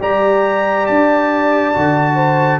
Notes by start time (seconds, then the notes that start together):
0.00 G3 G4 D5 A#5
0.87 D4 A5
1.74 D3 F#4
2.15 C5